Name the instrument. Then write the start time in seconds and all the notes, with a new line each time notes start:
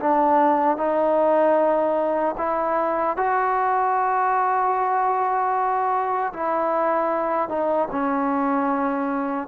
trombone
0.00 D4
0.78 D#4
2.38 E4
3.17 F#4
6.33 E4
7.49 D#4
7.91 C#4